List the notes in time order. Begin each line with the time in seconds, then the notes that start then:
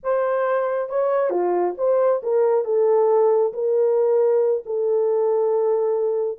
0.03 C5
0.89 C#5
1.30 F4
1.77 C5
2.22 A#4
2.64 A4
3.53 A#4
4.65 A4